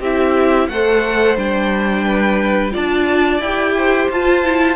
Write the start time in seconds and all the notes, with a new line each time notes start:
0.00 C4 E4 G4 E5
0.68 A3 A4 C5 F#5
1.36 G3 D4 G5
2.04 B4
2.72 D4 F4 D5 A5
3.40 E4 G4 G5
3.77 C5
4.10 F4 A5
4.44 E4